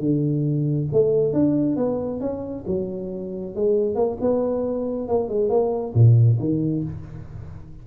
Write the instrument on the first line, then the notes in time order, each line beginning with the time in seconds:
tuba
0.00 D3
0.93 A3
1.34 D4
1.77 B3
2.21 C#4
2.67 F#3
3.56 G#3
3.96 A#3
4.21 B3
5.09 A#3
5.29 G#3
5.49 A#3
5.95 A#2
6.40 D#3